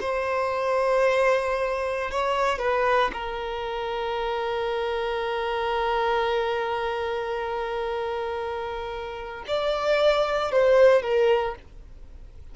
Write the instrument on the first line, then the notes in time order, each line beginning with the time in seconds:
violin
0.00 C5
2.11 C#5
2.58 B4
3.12 A#4
9.47 D5
10.52 C5
11.02 A#4